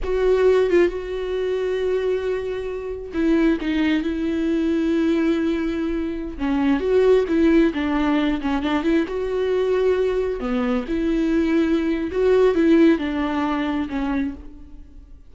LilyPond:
\new Staff \with { instrumentName = "viola" } { \time 4/4 \tempo 4 = 134 fis'4. f'8 fis'2~ | fis'2. e'4 | dis'4 e'2.~ | e'2~ e'16 cis'4 fis'8.~ |
fis'16 e'4 d'4. cis'8 d'8 e'16~ | e'16 fis'2. b8.~ | b16 e'2~ e'8. fis'4 | e'4 d'2 cis'4 | }